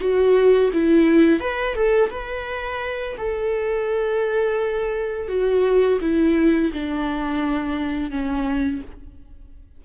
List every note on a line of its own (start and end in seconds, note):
0.00 0.71 F#4
0.73 1.40 E4
1.40 1.74 B4
1.74 2.10 A4
2.10 3.16 B4
3.17 5.28 A4
5.28 5.99 F#4
6.01 6.72 E4
6.73 8.10 D4
8.10 8.81 C#4